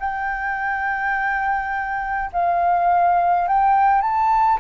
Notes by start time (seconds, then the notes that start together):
0.00 G5
2.33 F5
3.48 G5
4.02 A5